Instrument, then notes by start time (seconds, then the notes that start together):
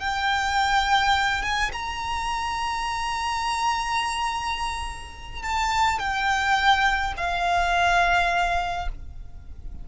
violin
0.00 G5
1.42 G#5
1.72 A#5
5.43 A5
5.99 G5
7.17 F5